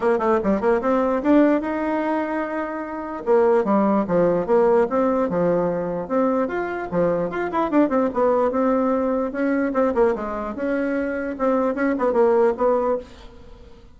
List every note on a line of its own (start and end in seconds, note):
0.00 0.18 A#3
0.18 0.39 A3
0.43 0.60 G3
0.60 0.81 A#3
0.81 1.21 C4
1.22 1.61 D4
1.61 3.23 D#4
3.25 3.64 A#3
3.64 4.05 G3
4.07 4.46 F3
4.46 4.87 A#3
4.89 5.29 C4
5.29 6.08 F3
6.08 6.48 C4
6.48 6.88 F4
6.91 7.30 F3
7.30 7.50 F4
7.51 7.70 E4
7.70 7.89 D4
7.89 8.09 C4
8.13 8.51 B3
8.51 9.31 C4
9.31 9.72 C#4
9.73 9.94 C4
9.94 10.14 A#3
10.15 10.55 G#3
10.55 11.36 C#4
11.38 11.75 C4
11.75 11.95 C#4
11.98 12.13 B3
12.13 12.53 A#3
12.57 12.97 B3